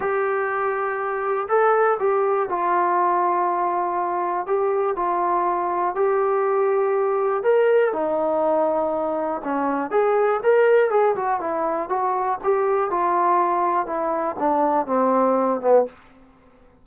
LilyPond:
\new Staff \with { instrumentName = "trombone" } { \time 4/4 \tempo 4 = 121 g'2. a'4 | g'4 f'2.~ | f'4 g'4 f'2 | g'2. ais'4 |
dis'2. cis'4 | gis'4 ais'4 gis'8 fis'8 e'4 | fis'4 g'4 f'2 | e'4 d'4 c'4. b8 | }